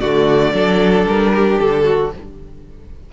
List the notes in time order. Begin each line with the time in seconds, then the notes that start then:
0.00 D3 A3 F#4 D5
0.53 F#3 D4 A4
1.06 G3 A#4
1.33 G4
1.59 D3 A4
1.85 F#4